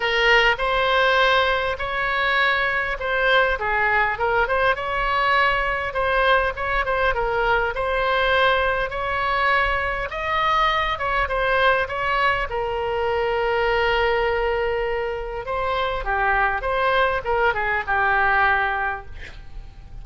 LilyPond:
\new Staff \with { instrumentName = "oboe" } { \time 4/4 \tempo 4 = 101 ais'4 c''2 cis''4~ | cis''4 c''4 gis'4 ais'8 c''8 | cis''2 c''4 cis''8 c''8 | ais'4 c''2 cis''4~ |
cis''4 dis''4. cis''8 c''4 | cis''4 ais'2.~ | ais'2 c''4 g'4 | c''4 ais'8 gis'8 g'2 | }